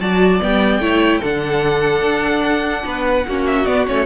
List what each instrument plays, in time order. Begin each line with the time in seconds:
0.00 cello F#3, viola F#4, violin D5 A5
0.40 cello G3, viola B3, violin G5
0.79 cello A3, viola E4, violin C#5
1.20 cello D3, viola D4, violin A4 F#5
2.02 cello D4
2.85 cello B3, violin B4
3.27 cello A#3, viola C#4, violin F#4
3.47 violin E5
3.66 viola B3, cello B3, violin D5
3.87 cello A3, viola C#4, violin C#5